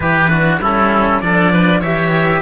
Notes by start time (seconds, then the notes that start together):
0.00 E3 E4 G4 B4
0.29 D4 F#4
0.59 G3 C#4 E4 A4
1.20 F3 D4 A4 D5
1.52 B4
1.80 E3 G4 C#5 E5